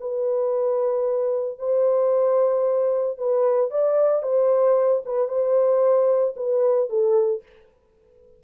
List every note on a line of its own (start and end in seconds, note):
0.00 1.59 B4
1.59 3.18 C5
3.18 3.70 B4
3.70 4.22 D5
4.22 5.02 C5
5.05 5.28 B4
5.28 6.34 C5
6.36 6.89 B4
6.89 7.42 A4